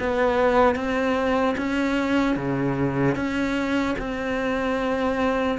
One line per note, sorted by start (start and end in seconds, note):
0.00 0.76 B3
0.76 1.56 C4
1.58 2.37 C#4
2.37 3.16 C#3
3.16 3.96 C#4
3.99 5.59 C4